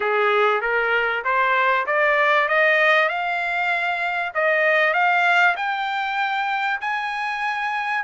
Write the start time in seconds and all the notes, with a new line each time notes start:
0.00 G#4
0.61 A#4
1.24 C5
1.86 D5
2.48 D#5
3.08 F5
4.34 D#5
4.93 F5
5.56 G5
6.80 G#5